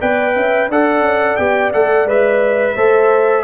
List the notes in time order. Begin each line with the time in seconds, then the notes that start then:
0.00 B3 B4 D5 G5
0.35 C#4 E5
0.69 D4 A4 D5 F#5
1.01 C#4
1.36 B3 G4 G5
1.73 A3 A4 F#5
2.05 G#3 B4 E5
2.75 A3 A4 C5